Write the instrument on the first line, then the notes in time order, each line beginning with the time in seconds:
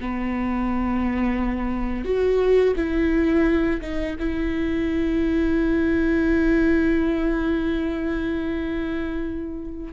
viola
0.00 B3
2.04 F#4
2.76 E4
3.81 D#4
4.19 E4